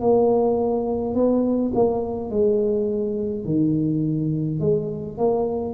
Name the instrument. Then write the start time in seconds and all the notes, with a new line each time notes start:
tuba
0.00 A#3
1.14 B3
1.74 A#3
2.30 G#3
3.45 D#3
4.60 G#3
5.18 A#3